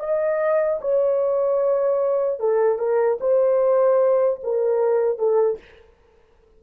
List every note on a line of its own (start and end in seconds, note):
0.00 0.80 D#5
0.81 2.40 C#5
2.40 2.79 A4
2.79 3.19 A#4
3.21 4.41 C5
4.43 5.19 A#4
5.19 5.59 A4